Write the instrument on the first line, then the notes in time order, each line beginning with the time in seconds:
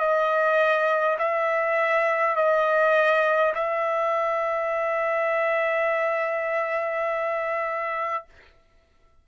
trumpet
0.00 D#5
1.19 E5
2.36 D#5
3.55 E5